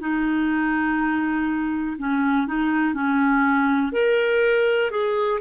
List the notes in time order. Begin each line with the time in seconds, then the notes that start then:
0.00 D#4
1.99 C#4
2.47 D#4
2.94 C#4
3.93 A#4
4.90 G#4